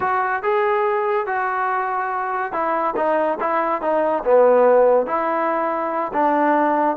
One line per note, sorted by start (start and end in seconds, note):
0.00 0.42 F#4
0.42 1.26 G#4
1.26 2.52 F#4
2.52 2.94 E4
2.96 3.38 D#4
3.39 3.81 E4
3.81 4.23 D#4
4.24 5.06 B3
5.06 6.12 E4
6.13 6.96 D4